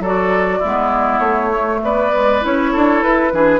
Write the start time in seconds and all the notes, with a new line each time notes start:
0.00 F#3 F#4 A4 D5
0.59 G#3 B3 E4
1.19 A3 C#5
1.52 A3
1.84 B3 B4 D5
2.13 G#3
2.42 C#4 E4 C#5
2.72 D4 A4
3.03 E4 B4
3.33 E3 D4 G#4